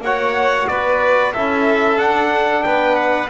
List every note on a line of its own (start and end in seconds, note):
0.00 0.65 A#3
0.00 1.35 F#4
0.00 0.69 C#5
0.00 0.68 F#5
0.68 1.34 B3
0.68 1.33 B4
0.68 1.33 D5
1.33 1.99 C#4
1.33 1.98 E4
1.33 2.64 A4
1.33 1.99 E5
1.98 3.28 D4
1.98 2.64 D4
1.98 2.63 F#5
2.63 3.30 B3
2.63 3.30 B4
2.63 2.96 G5
2.96 3.29 F#5